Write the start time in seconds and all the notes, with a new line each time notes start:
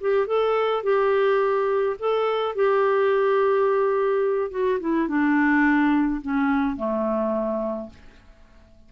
0.00 G4
0.27 A4
0.83 G4
1.99 A4
2.55 G4
4.51 F#4
4.80 E4
5.08 D4
6.21 C#4
6.76 A3